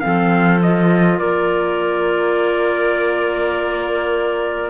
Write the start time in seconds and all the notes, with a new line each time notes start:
0.00 F3 C4 A4 F5
0.62 F4 D#5
1.18 A#3 A#4 D5